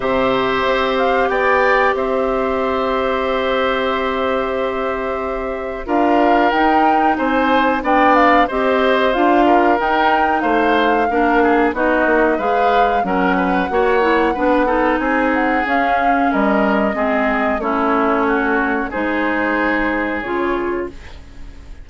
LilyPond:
<<
  \new Staff \with { instrumentName = "flute" } { \time 4/4 \tempo 4 = 92 e''4. f''8 g''4 e''4~ | e''1~ | e''4 f''4 g''4 gis''4 | g''8 f''8 dis''4 f''4 g''4 |
f''2 dis''4 f''4 | fis''2. gis''8 fis''8 | f''4 dis''2 cis''4~ | cis''4 c''2 cis''4 | }
  \new Staff \with { instrumentName = "oboe" } { \time 4/4 c''2 d''4 c''4~ | c''1~ | c''4 ais'2 c''4 | d''4 c''4. ais'4. |
c''4 ais'8 gis'8 fis'4 b'4 | ais'8 b'8 cis''4 b'8 a'8 gis'4~ | gis'4 ais'4 gis'4 e'4 | fis'4 gis'2. | }
  \new Staff \with { instrumentName = "clarinet" } { \time 4/4 g'1~ | g'1~ | g'4 f'4 dis'2 | d'4 g'4 f'4 dis'4~ |
dis'4 d'4 dis'4 gis'4 | cis'4 fis'8 e'8 d'8 dis'4. | cis'2 c'4 cis'4~ | cis'4 dis'2 f'4 | }
  \new Staff \with { instrumentName = "bassoon" } { \time 4/4 c4 c'4 b4 c'4~ | c'1~ | c'4 d'4 dis'4 c'4 | b4 c'4 d'4 dis'4 |
a4 ais4 b8 ais8 gis4 | fis4 ais4 b4 c'4 | cis'4 g4 gis4 a4~ | a4 gis2 cis4 | }
>>